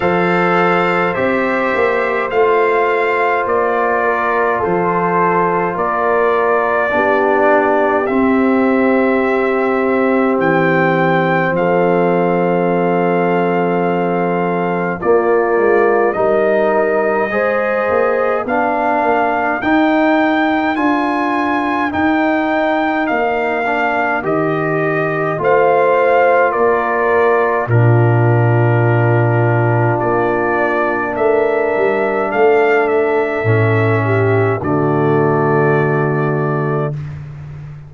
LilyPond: <<
  \new Staff \with { instrumentName = "trumpet" } { \time 4/4 \tempo 4 = 52 f''4 e''4 f''4 d''4 | c''4 d''2 e''4~ | e''4 g''4 f''2~ | f''4 d''4 dis''2 |
f''4 g''4 gis''4 g''4 | f''4 dis''4 f''4 d''4 | ais'2 d''4 e''4 | f''8 e''4. d''2 | }
  \new Staff \with { instrumentName = "horn" } { \time 4/4 c''2.~ c''8 ais'8 | a'4 ais'4 g'2~ | g'2 a'2~ | a'4 f'4 ais'4 c''4 |
ais'1~ | ais'2 c''4 ais'4 | f'2. ais'4 | a'4. g'8 fis'2 | }
  \new Staff \with { instrumentName = "trombone" } { \time 4/4 a'4 g'4 f'2~ | f'2 d'4 c'4~ | c'1~ | c'4 ais4 dis'4 gis'4 |
d'4 dis'4 f'4 dis'4~ | dis'8 d'8 g'4 f'2 | d'1~ | d'4 cis'4 a2 | }
  \new Staff \with { instrumentName = "tuba" } { \time 4/4 f4 c'8 ais8 a4 ais4 | f4 ais4 b4 c'4~ | c'4 e4 f2~ | f4 ais8 gis8 g4 gis8 ais8 |
b8 ais8 dis'4 d'4 dis'4 | ais4 dis4 a4 ais4 | ais,2 ais4 a8 g8 | a4 a,4 d2 | }
>>